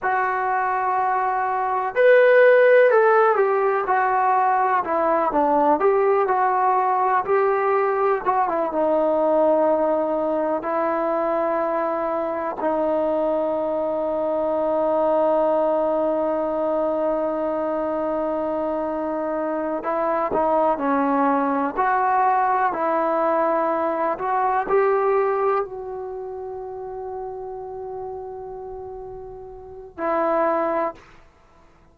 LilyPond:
\new Staff \with { instrumentName = "trombone" } { \time 4/4 \tempo 4 = 62 fis'2 b'4 a'8 g'8 | fis'4 e'8 d'8 g'8 fis'4 g'8~ | g'8 fis'16 e'16 dis'2 e'4~ | e'4 dis'2.~ |
dis'1~ | dis'8 e'8 dis'8 cis'4 fis'4 e'8~ | e'4 fis'8 g'4 fis'4.~ | fis'2. e'4 | }